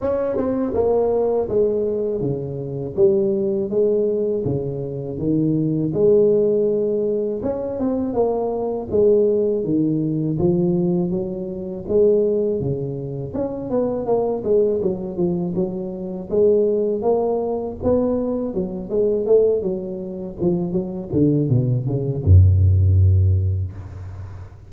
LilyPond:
\new Staff \with { instrumentName = "tuba" } { \time 4/4 \tempo 4 = 81 cis'8 c'8 ais4 gis4 cis4 | g4 gis4 cis4 dis4 | gis2 cis'8 c'8 ais4 | gis4 dis4 f4 fis4 |
gis4 cis4 cis'8 b8 ais8 gis8 | fis8 f8 fis4 gis4 ais4 | b4 fis8 gis8 a8 fis4 f8 | fis8 d8 b,8 cis8 fis,2 | }